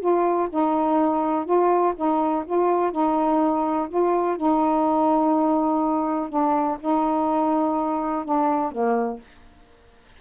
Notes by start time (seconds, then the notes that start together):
0.00 F4
0.50 D#4
1.45 F4
1.96 D#4
2.46 F4
2.92 D#4
3.89 F4
4.37 D#4
6.29 D4
6.80 D#4
8.25 D4
8.72 A#3